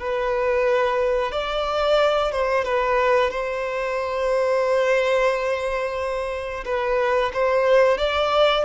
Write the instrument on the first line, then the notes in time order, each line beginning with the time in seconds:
violin
0.00 B4
1.32 D5
2.32 C5
2.65 B4
3.31 C5
6.65 B4
7.34 C5
7.98 D5